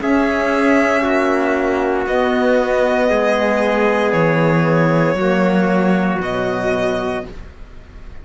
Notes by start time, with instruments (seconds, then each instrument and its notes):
0.00 cello C#4, saxophone C#4, trumpet G#4, violin E5
1.02 cello A#3, trumpet F#4
2.06 saxophone B3, cello B3, violin D#5
3.09 cello G#3, trumpet G#4
4.12 cello E3, violin C#5
5.14 cello F#3, saxophone A#3, trumpet F#4
6.20 cello B2, saxophone F#3, violin D#5